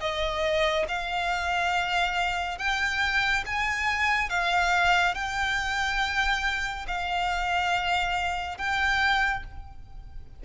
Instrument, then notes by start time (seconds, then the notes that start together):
violin
0.00 D#5
0.88 F5
2.58 G5
3.46 G#5
4.29 F5
5.15 G5
6.87 F5
8.58 G5